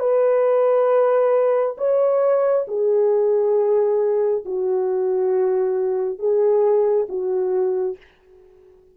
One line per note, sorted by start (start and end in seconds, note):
0.00 1.76 B4
1.78 2.66 C#5
2.68 4.44 G#4
4.45 6.19 F#4
6.19 7.07 G#4
7.09 7.97 F#4